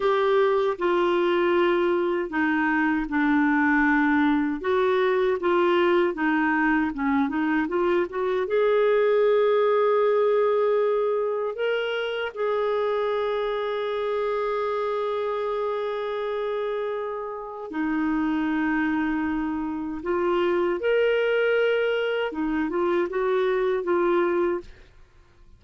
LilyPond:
\new Staff \with { instrumentName = "clarinet" } { \time 4/4 \tempo 4 = 78 g'4 f'2 dis'4 | d'2 fis'4 f'4 | dis'4 cis'8 dis'8 f'8 fis'8 gis'4~ | gis'2. ais'4 |
gis'1~ | gis'2. dis'4~ | dis'2 f'4 ais'4~ | ais'4 dis'8 f'8 fis'4 f'4 | }